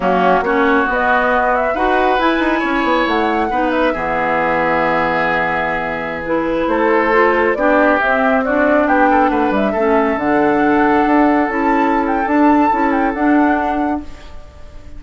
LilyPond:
<<
  \new Staff \with { instrumentName = "flute" } { \time 4/4 \tempo 4 = 137 fis'4 cis''4 dis''4. e''8 | fis''4 gis''2 fis''4~ | fis''8 e''2.~ e''8~ | e''2~ e''16 b'4 c''8.~ |
c''4~ c''16 d''4 e''4 d''8.~ | d''16 g''4 fis''8 e''4. fis''8.~ | fis''2~ fis''16 a''4~ a''16 g''8 | a''4. g''8 fis''2 | }
  \new Staff \with { instrumentName = "oboe" } { \time 4/4 cis'4 fis'2. | b'2 cis''2 | b'4 gis'2.~ | gis'2.~ gis'16 a'8.~ |
a'4~ a'16 g'2 fis'8.~ | fis'16 g'8 a'8 b'4 a'4.~ a'16~ | a'1~ | a'1 | }
  \new Staff \with { instrumentName = "clarinet" } { \time 4/4 ais4 cis'4 b2 | fis'4 e'2. | dis'4 b2.~ | b2~ b16 e'4.~ e'16~ |
e'16 f'4 d'4 c'4 d'8.~ | d'2~ d'16 cis'4 d'8.~ | d'2~ d'16 e'4.~ e'16 | d'4 e'4 d'2 | }
  \new Staff \with { instrumentName = "bassoon" } { \time 4/4 fis4 ais4 b2 | dis'4 e'8 dis'8 cis'8 b8 a4 | b4 e2.~ | e2.~ e16 a8.~ |
a4~ a16 b4 c'4.~ c'16~ | c'16 b4 a8 g8 a4 d8.~ | d4~ d16 d'4 cis'4.~ cis'16 | d'4 cis'4 d'2 | }
>>